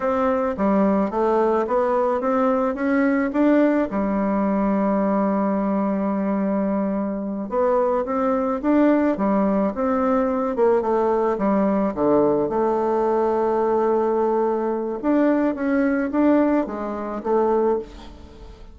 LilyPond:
\new Staff \with { instrumentName = "bassoon" } { \time 4/4 \tempo 4 = 108 c'4 g4 a4 b4 | c'4 cis'4 d'4 g4~ | g1~ | g4. b4 c'4 d'8~ |
d'8 g4 c'4. ais8 a8~ | a8 g4 d4 a4.~ | a2. d'4 | cis'4 d'4 gis4 a4 | }